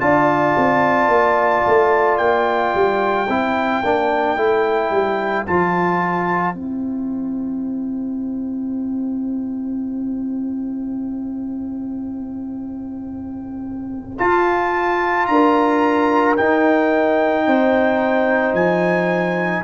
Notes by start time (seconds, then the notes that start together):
0.00 D4 F4 D5 A5
0.57 C4
1.08 A#3
1.67 A3
2.17 A#3 G5
2.74 G3
3.28 C4 E4 C5
3.83 A#3 D4
4.37 A3 E4
4.90 G3
5.46 F3 F4 A5
6.54 C4 E4 G5
14.18 F4 A5
15.26 D4 A#4 A#5
16.37 D#4 G5
17.46 C4 C5
18.53 F3 G#5